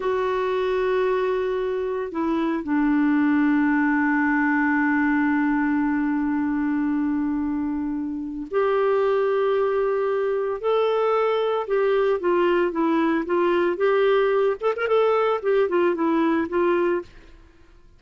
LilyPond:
\new Staff \with { instrumentName = "clarinet" } { \time 4/4 \tempo 4 = 113 fis'1 | e'4 d'2.~ | d'1~ | d'1 |
g'1 | a'2 g'4 f'4 | e'4 f'4 g'4. a'16 ais'16 | a'4 g'8 f'8 e'4 f'4 | }